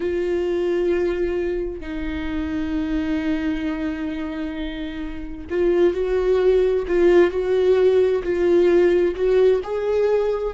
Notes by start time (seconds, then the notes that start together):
0.00 F4
1.80 D#4
5.49 F4
5.93 F#4
6.87 F4
7.31 F#4
8.23 F4
9.15 F#4
9.63 G#4